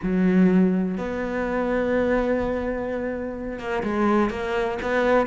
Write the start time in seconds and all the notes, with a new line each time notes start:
0.02 F#3
0.97 B3
3.58 A#3
3.83 G#3
4.30 A#3
4.82 B3